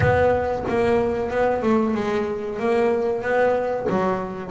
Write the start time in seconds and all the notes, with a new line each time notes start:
0.00 B3
0.68 A#3
1.30 B3
1.62 A3
1.94 G#3
2.59 A#3
3.22 B3
3.89 F#3